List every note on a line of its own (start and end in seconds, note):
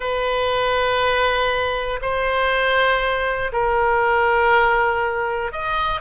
0.00 2.00 B4
2.01 3.51 C5
3.52 5.52 A#4
5.52 6.00 D#5